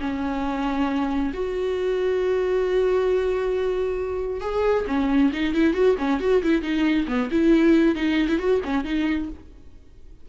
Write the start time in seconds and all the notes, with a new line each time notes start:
0.00 C#4
1.33 F#4
4.41 G#4
4.87 C#4
5.33 D#4
5.54 E4
5.74 F#4
5.98 C#4
6.20 F#4
6.43 E4
6.62 D#4
7.07 B3
7.31 E4
7.95 D#4
8.28 E4
8.39 F#4
8.65 C#4
8.84 D#4